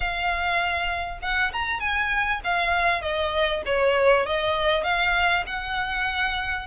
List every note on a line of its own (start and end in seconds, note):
0.00 1.19 F5
1.21 1.52 F#5
1.53 1.80 A#5
1.80 2.40 G#5
2.44 3.01 F5
3.01 3.62 D#5
3.65 4.26 C#5
4.26 4.83 D#5
4.83 5.44 F5
5.46 6.66 F#5